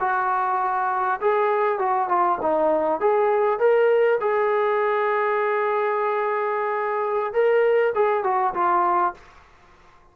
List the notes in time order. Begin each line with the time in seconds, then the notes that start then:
0.00 F#4
1.21 G#4
1.79 F#4
2.08 F4
2.42 D#4
3.00 G#4
3.59 A#4
4.21 G#4
7.33 A#4
7.95 G#4
8.24 F#4
8.54 F4